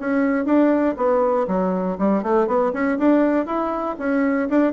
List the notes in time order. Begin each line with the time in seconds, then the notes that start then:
0.00 C#4
0.45 D4
0.97 B3
1.47 F#3
1.98 G3
2.23 A3
2.47 B3
2.73 C#4
2.98 D4
3.46 E4
3.99 C#4
4.49 D4